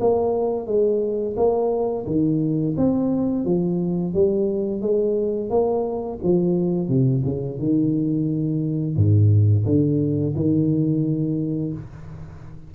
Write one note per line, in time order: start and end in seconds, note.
0.00 0.66 A#3
0.66 1.35 G#3
1.36 2.05 A#3
2.06 2.75 D#3
2.77 3.45 C4
3.45 4.14 F3
4.14 4.81 G3
4.81 5.50 G#3
5.50 6.18 A#3
6.23 6.88 F3
6.88 7.22 C3
7.24 7.59 C#3
7.59 8.96 D#3
8.96 9.65 G#2
9.65 10.34 D3
10.35 11.73 D#3